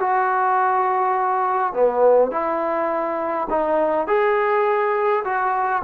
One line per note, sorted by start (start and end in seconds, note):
0.00 1.73 F#4
1.73 2.31 B3
2.31 3.48 E4
3.50 4.07 D#4
4.07 5.24 G#4
5.24 5.83 F#4